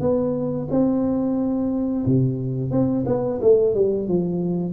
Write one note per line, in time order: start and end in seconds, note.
0.00 0.67 B3
0.70 2.05 C4
2.06 2.71 C3
2.71 3.05 C4
3.06 3.40 B3
3.41 3.74 A3
3.74 4.08 G3
4.08 4.73 F3